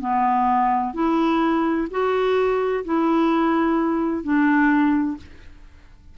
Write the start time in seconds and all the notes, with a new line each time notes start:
0.00 B3
0.94 E4
1.90 F#4
2.84 E4
4.23 D4